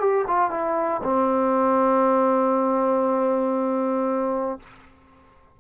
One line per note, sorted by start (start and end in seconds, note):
0.00 0.25 G4
0.28 0.51 F4
0.51 1.02 E4
1.04 4.60 C4